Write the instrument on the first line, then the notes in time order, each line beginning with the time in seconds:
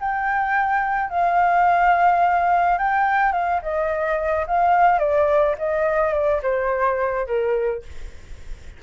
flute
0.00 G5
1.10 F5
2.78 G5
3.32 F5
3.62 D#5
4.47 F5
4.99 D5
5.58 D#5
6.13 D5
6.43 C5
7.26 A#4